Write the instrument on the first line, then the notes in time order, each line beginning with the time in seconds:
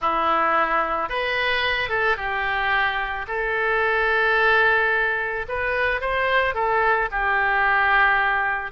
oboe
0.01 E4
1.09 B4
1.89 A4
2.16 G4
3.27 A4
5.48 B4
6.00 C5
6.54 A4
7.11 G4